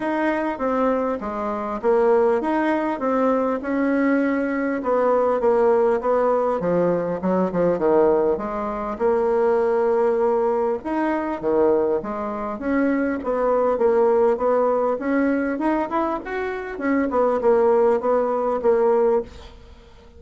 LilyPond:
\new Staff \with { instrumentName = "bassoon" } { \time 4/4 \tempo 4 = 100 dis'4 c'4 gis4 ais4 | dis'4 c'4 cis'2 | b4 ais4 b4 f4 | fis8 f8 dis4 gis4 ais4~ |
ais2 dis'4 dis4 | gis4 cis'4 b4 ais4 | b4 cis'4 dis'8 e'8 fis'4 | cis'8 b8 ais4 b4 ais4 | }